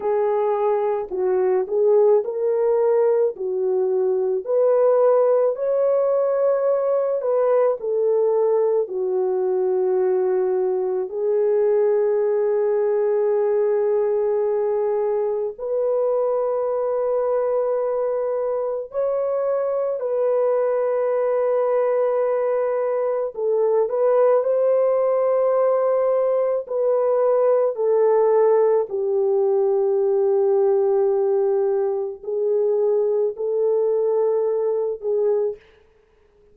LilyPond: \new Staff \with { instrumentName = "horn" } { \time 4/4 \tempo 4 = 54 gis'4 fis'8 gis'8 ais'4 fis'4 | b'4 cis''4. b'8 a'4 | fis'2 gis'2~ | gis'2 b'2~ |
b'4 cis''4 b'2~ | b'4 a'8 b'8 c''2 | b'4 a'4 g'2~ | g'4 gis'4 a'4. gis'8 | }